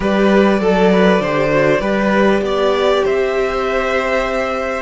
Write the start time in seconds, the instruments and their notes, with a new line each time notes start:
0.00 cello G3, viola G4, violin B4 D5
0.59 cello F#3, violin A4, viola A4
0.92 violin B4
1.20 cello D3, viola G4, violin C5
1.51 viola F#4
1.80 cello G3, viola G4, violin B4
2.41 cello B3, violin D5
3.04 cello C4, violin C5 E5